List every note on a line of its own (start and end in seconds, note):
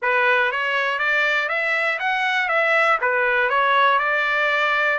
0.02 0.51 B4
0.51 0.98 C#5
0.98 1.48 D5
1.49 1.99 E5
1.99 2.48 F#5
2.48 2.98 E5
3.01 3.49 B4
3.49 3.98 C#5
3.98 4.98 D5